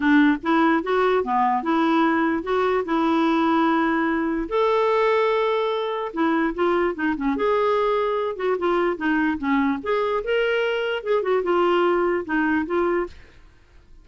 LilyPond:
\new Staff \with { instrumentName = "clarinet" } { \time 4/4 \tempo 4 = 147 d'4 e'4 fis'4 b4 | e'2 fis'4 e'4~ | e'2. a'4~ | a'2. e'4 |
f'4 dis'8 cis'8 gis'2~ | gis'8 fis'8 f'4 dis'4 cis'4 | gis'4 ais'2 gis'8 fis'8 | f'2 dis'4 f'4 | }